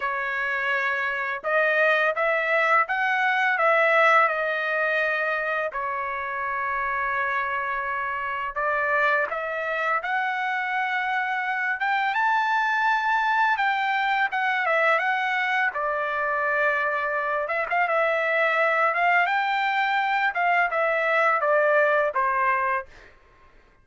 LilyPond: \new Staff \with { instrumentName = "trumpet" } { \time 4/4 \tempo 4 = 84 cis''2 dis''4 e''4 | fis''4 e''4 dis''2 | cis''1 | d''4 e''4 fis''2~ |
fis''8 g''8 a''2 g''4 | fis''8 e''8 fis''4 d''2~ | d''8 e''16 f''16 e''4. f''8 g''4~ | g''8 f''8 e''4 d''4 c''4 | }